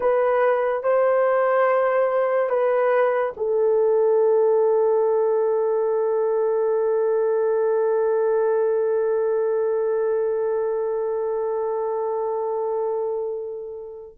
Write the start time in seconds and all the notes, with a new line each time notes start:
0.00 B4
0.83 C5
2.49 B4
3.36 A4